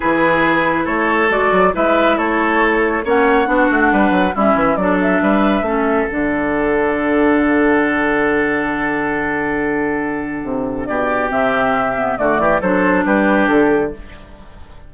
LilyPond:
<<
  \new Staff \with { instrumentName = "flute" } { \time 4/4 \tempo 4 = 138 b'2 cis''4 d''4 | e''4 cis''2 fis''4~ | fis''2 e''4 d''8 e''8~ | e''2 fis''2~ |
fis''1~ | fis''1~ | fis''4 d''4 e''2 | d''4 c''4 b'4 a'4 | }
  \new Staff \with { instrumentName = "oboe" } { \time 4/4 gis'2 a'2 | b'4 a'2 cis''4 | fis'4 b'4 e'4 a'4 | b'4 a'2.~ |
a'1~ | a'1~ | a'4 g'2. | fis'8 g'8 a'4 g'2 | }
  \new Staff \with { instrumentName = "clarinet" } { \time 4/4 e'2. fis'4 | e'2. cis'4 | d'2 cis'4 d'4~ | d'4 cis'4 d'2~ |
d'1~ | d'1~ | d'2 c'4. b8 | a4 d'2. | }
  \new Staff \with { instrumentName = "bassoon" } { \time 4/4 e2 a4 gis8 fis8 | gis4 a2 ais4 | b8 a8 g8 fis8 g8 e8 fis4 | g4 a4 d2~ |
d1~ | d1 | c4 b,4 c2 | d8 e8 fis4 g4 d4 | }
>>